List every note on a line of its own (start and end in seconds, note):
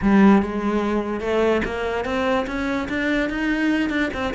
0.02 0.42 G3
0.42 1.20 G#3
1.20 1.61 A3
1.64 2.05 A#3
2.05 2.46 C4
2.46 2.87 C#4
2.88 3.29 D4
3.29 3.89 D#4
3.89 4.10 D4
4.13 4.34 C4